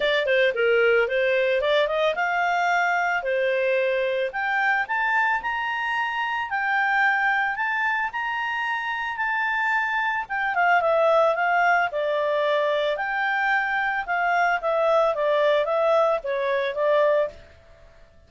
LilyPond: \new Staff \with { instrumentName = "clarinet" } { \time 4/4 \tempo 4 = 111 d''8 c''8 ais'4 c''4 d''8 dis''8 | f''2 c''2 | g''4 a''4 ais''2 | g''2 a''4 ais''4~ |
ais''4 a''2 g''8 f''8 | e''4 f''4 d''2 | g''2 f''4 e''4 | d''4 e''4 cis''4 d''4 | }